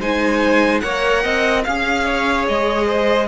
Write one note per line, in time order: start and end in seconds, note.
0.00 0.82 G#3
0.00 0.83 D#4
0.00 0.82 C5
0.00 0.80 G#5
0.80 1.25 A#3
0.80 1.65 A#4
0.80 1.23 C#5
0.80 1.62 F#5
1.23 1.66 C4
1.23 1.65 D#5
1.64 2.49 C#4
1.64 3.28 G#4
1.64 2.46 F5
1.64 2.05 F5
2.05 2.86 C#5
2.48 3.28 G#3
2.48 3.28 D#5
2.86 3.28 C5